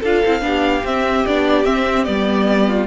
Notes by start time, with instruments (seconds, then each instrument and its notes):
0.00 cello D4, viola F4, violin A4 F5
0.25 cello C4, viola E4
0.41 cello B3, viola D4, violin G4
0.84 cello C4, viola C4, violin E5
1.26 cello B3, viola D4, violin D5
1.65 viola C4, cello C4, violin E5
2.04 cello G3, viola B3, violin D5
2.67 violin F4